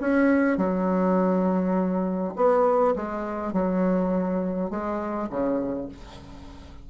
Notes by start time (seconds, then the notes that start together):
0.00 C#4
0.57 F#3
2.36 B3
2.96 G#3
3.53 F#3
4.70 G#3
5.29 C#3